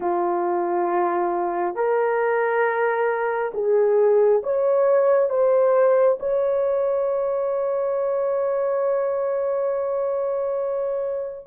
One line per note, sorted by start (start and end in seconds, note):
0.00 1.75 F4
1.75 3.51 A#4
3.54 4.42 G#4
4.43 5.29 C#5
5.29 6.18 C5
6.19 11.46 C#5